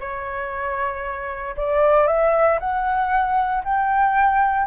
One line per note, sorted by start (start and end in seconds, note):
0.00 1.55 C#5
1.57 2.07 D5
2.07 2.59 E5
2.60 3.63 F#5
3.64 4.67 G5